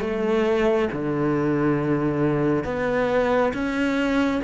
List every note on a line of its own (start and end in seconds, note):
0.00 0.88 A3
0.92 2.64 D3
2.64 3.52 B3
3.53 4.41 C#4